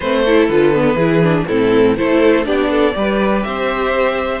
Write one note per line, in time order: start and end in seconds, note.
0.00 0.49 A3
0.00 0.26 C4
0.00 0.23 B4
0.00 0.46 C5
0.25 0.50 E4
0.25 0.95 A4
0.47 0.94 D3
0.47 0.74 F4
0.47 1.46 B4
0.74 0.98 B3
0.94 1.43 E3
0.94 1.22 E4
0.94 1.45 G#4
1.22 1.46 D4
1.47 1.98 A2
1.47 1.96 C4
1.47 1.96 E4
1.47 1.97 A4
1.96 2.46 A3
1.96 2.44 E4
1.96 2.46 A4
1.96 2.46 C5
2.44 2.95 B3
2.44 2.93 D4
2.44 2.70 G4
2.44 3.43 D5
2.70 2.95 A4
2.93 3.45 G3
2.93 4.40 G4
2.93 3.46 B4
3.43 4.40 C4
3.43 4.40 C5
3.43 4.40 E5